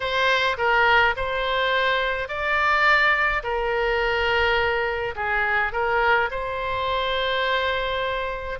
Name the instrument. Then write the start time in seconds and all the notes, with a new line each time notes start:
oboe
0.00 C5
0.57 A#4
1.16 C5
2.28 D5
3.43 A#4
5.15 G#4
5.72 A#4
6.30 C5